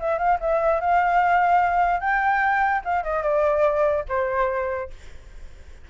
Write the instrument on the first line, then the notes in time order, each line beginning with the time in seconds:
flute
0.00 E5
0.19 F5
0.40 E5
0.81 F5
2.00 G5
2.85 F5
3.04 D#5
3.23 D5
4.09 C5